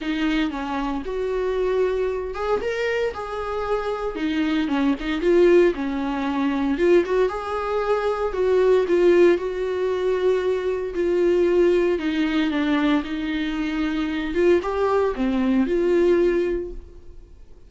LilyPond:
\new Staff \with { instrumentName = "viola" } { \time 4/4 \tempo 4 = 115 dis'4 cis'4 fis'2~ | fis'8 gis'8 ais'4 gis'2 | dis'4 cis'8 dis'8 f'4 cis'4~ | cis'4 f'8 fis'8 gis'2 |
fis'4 f'4 fis'2~ | fis'4 f'2 dis'4 | d'4 dis'2~ dis'8 f'8 | g'4 c'4 f'2 | }